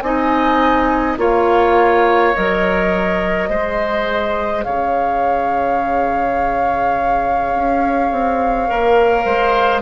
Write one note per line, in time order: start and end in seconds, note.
0.00 1.16 C4
0.00 1.17 D#4
0.00 1.19 D#5
0.00 1.15 G#5
1.17 2.33 A#3
1.17 2.32 F4
1.17 3.49 C#5
1.17 2.34 F5
2.34 3.49 F#3
2.34 3.49 A#4
2.34 4.62 D#5
3.49 4.64 G#3
3.49 8.68 G#4
3.49 4.64 C5
4.62 7.54 C#3
4.62 9.24 C#5
4.62 9.81 F5
7.54 8.11 C#4
8.11 8.69 C4
8.68 9.25 A#3
8.68 9.81 A#4
9.24 9.81 G#3
9.24 9.81 C5